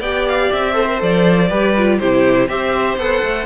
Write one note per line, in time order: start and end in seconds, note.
0.00 0.50 B3
0.00 0.74 G4
0.00 0.75 D5
0.00 0.26 G5
0.29 0.53 F5
0.53 1.02 C4
0.53 1.02 E5
0.74 0.86 A4
0.74 1.48 C5
0.88 0.98 A#4
0.98 1.51 F3
0.98 1.48 A4
0.98 1.99 D5
1.48 2.00 G3
1.48 1.74 G4
1.48 1.98 B4
1.78 2.01 F4
1.99 2.48 C3
1.99 2.49 E4
1.99 2.50 G4
1.99 2.48 C5
2.48 2.98 C4
2.48 2.98 G4
2.48 3.46 C5
2.48 2.98 E5
2.98 3.23 B3
2.98 3.46 A4
2.98 3.46 F#5
3.23 3.46 A3